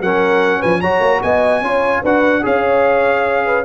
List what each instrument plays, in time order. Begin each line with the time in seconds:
0.00 tuba F#3, trombone C#4, horn A#4, trumpet F#5
0.60 tuba F3, horn B4, trumpet G#5
0.80 tuba F#3, trombone F#4, horn C#5, trumpet A#5
1.00 tuba A#3
1.22 tuba B3, horn D#5, trumpet G#5
1.61 tuba C#4, trombone F4, horn C#5
2.02 tuba D4, trombone F#4, horn B4, trumpet F#5
2.42 tuba C#4, trombone G#4, horn C#5, trumpet F5
3.45 horn B4